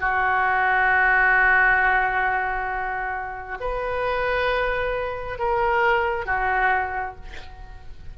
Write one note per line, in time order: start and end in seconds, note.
0.00 3.58 F#4
3.60 5.38 B4
5.38 6.25 A#4
6.25 7.15 F#4